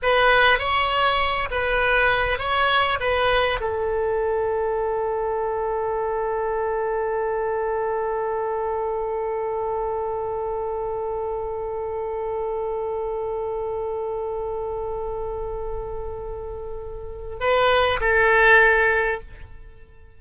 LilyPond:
\new Staff \with { instrumentName = "oboe" } { \time 4/4 \tempo 4 = 100 b'4 cis''4. b'4. | cis''4 b'4 a'2~ | a'1~ | a'1~ |
a'1~ | a'1~ | a'1~ | a'4 b'4 a'2 | }